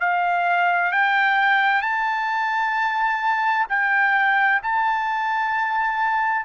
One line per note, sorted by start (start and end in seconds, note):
0.00 0.91 F5
0.91 1.82 G5
1.82 3.66 A5
3.69 4.61 G5
4.62 6.45 A5